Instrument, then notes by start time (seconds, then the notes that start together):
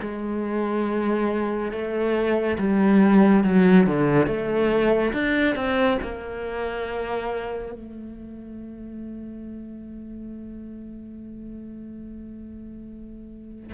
cello
0.00 G#3
1.71 A3
2.58 G3
3.44 F#3
3.86 D3
4.27 A3
5.13 D4
5.55 C4
6.02 A#3
7.72 A3